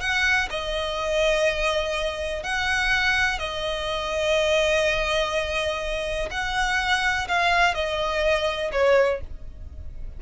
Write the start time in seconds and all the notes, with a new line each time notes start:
0.00 F#5
0.50 D#5
2.43 F#5
3.39 D#5
6.31 F#5
7.28 F5
7.74 D#5
8.72 C#5